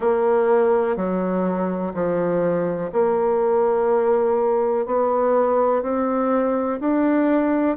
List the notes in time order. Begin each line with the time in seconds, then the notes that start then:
0.00 A#3
0.96 F#3
1.94 F3
2.92 A#3
4.86 B3
5.82 C4
6.80 D4